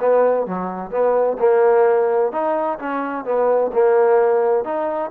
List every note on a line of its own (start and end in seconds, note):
0.00 0.46 B3
0.46 0.91 F#3
0.91 1.37 B3
1.39 2.32 A#3
2.32 2.78 D#4
2.79 3.25 C#4
3.25 3.71 B3
3.73 4.64 A#3
4.64 5.11 D#4